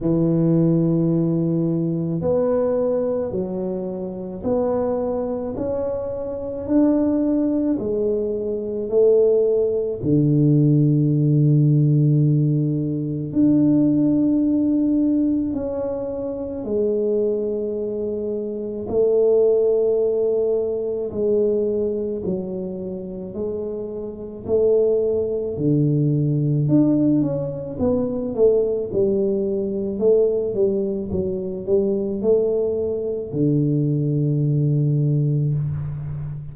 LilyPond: \new Staff \with { instrumentName = "tuba" } { \time 4/4 \tempo 4 = 54 e2 b4 fis4 | b4 cis'4 d'4 gis4 | a4 d2. | d'2 cis'4 gis4~ |
gis4 a2 gis4 | fis4 gis4 a4 d4 | d'8 cis'8 b8 a8 g4 a8 g8 | fis8 g8 a4 d2 | }